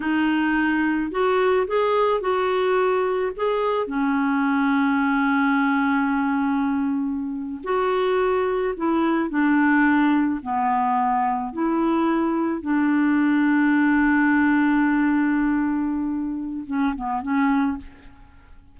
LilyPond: \new Staff \with { instrumentName = "clarinet" } { \time 4/4 \tempo 4 = 108 dis'2 fis'4 gis'4 | fis'2 gis'4 cis'4~ | cis'1~ | cis'4.~ cis'16 fis'2 e'16~ |
e'8. d'2 b4~ b16~ | b8. e'2 d'4~ d'16~ | d'1~ | d'2 cis'8 b8 cis'4 | }